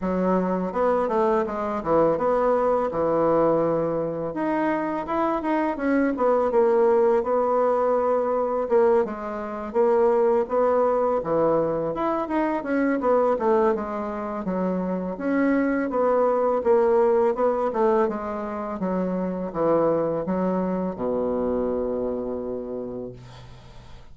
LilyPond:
\new Staff \with { instrumentName = "bassoon" } { \time 4/4 \tempo 4 = 83 fis4 b8 a8 gis8 e8 b4 | e2 dis'4 e'8 dis'8 | cis'8 b8 ais4 b2 | ais8 gis4 ais4 b4 e8~ |
e8 e'8 dis'8 cis'8 b8 a8 gis4 | fis4 cis'4 b4 ais4 | b8 a8 gis4 fis4 e4 | fis4 b,2. | }